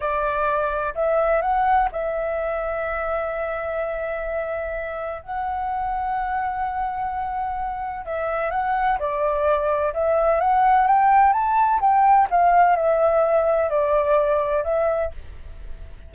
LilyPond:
\new Staff \with { instrumentName = "flute" } { \time 4/4 \tempo 4 = 127 d''2 e''4 fis''4 | e''1~ | e''2. fis''4~ | fis''1~ |
fis''4 e''4 fis''4 d''4~ | d''4 e''4 fis''4 g''4 | a''4 g''4 f''4 e''4~ | e''4 d''2 e''4 | }